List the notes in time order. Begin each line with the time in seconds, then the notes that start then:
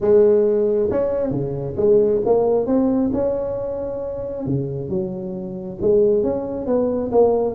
0.00 G#3
0.91 C#4
1.31 C#3
1.77 G#3
2.25 A#3
2.66 C4
3.13 C#4
4.45 C#3
4.89 F#3
5.81 G#3
6.23 C#4
6.66 B3
7.11 A#3